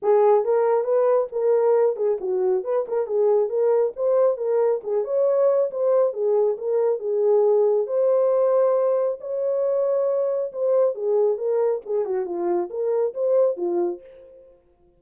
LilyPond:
\new Staff \with { instrumentName = "horn" } { \time 4/4 \tempo 4 = 137 gis'4 ais'4 b'4 ais'4~ | ais'8 gis'8 fis'4 b'8 ais'8 gis'4 | ais'4 c''4 ais'4 gis'8 cis''8~ | cis''4 c''4 gis'4 ais'4 |
gis'2 c''2~ | c''4 cis''2. | c''4 gis'4 ais'4 gis'8 fis'8 | f'4 ais'4 c''4 f'4 | }